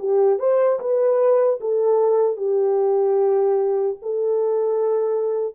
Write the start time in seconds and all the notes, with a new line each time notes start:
0.00 G4
0.40 C5
0.80 B4
1.61 A4
2.37 G4
4.03 A4